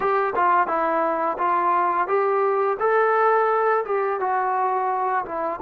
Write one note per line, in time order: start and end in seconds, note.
0.00 0.33 G4
0.35 0.67 F4
0.67 1.37 E4
1.38 2.07 F4
2.07 2.77 G4
2.79 3.84 A4
3.85 4.20 G4
4.20 5.25 F#4
5.25 5.60 E4